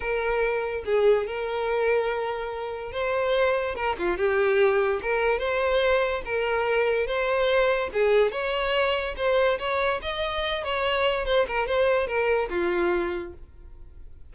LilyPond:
\new Staff \with { instrumentName = "violin" } { \time 4/4 \tempo 4 = 144 ais'2 gis'4 ais'4~ | ais'2. c''4~ | c''4 ais'8 f'8 g'2 | ais'4 c''2 ais'4~ |
ais'4 c''2 gis'4 | cis''2 c''4 cis''4 | dis''4. cis''4. c''8 ais'8 | c''4 ais'4 f'2 | }